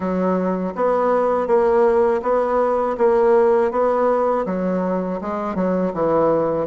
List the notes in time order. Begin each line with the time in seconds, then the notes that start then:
0.00 F#3
0.75 B3
1.46 A#3
2.22 B3
2.97 A#3
3.71 B3
4.45 F#3
5.21 G#3
5.55 F#3
5.93 E3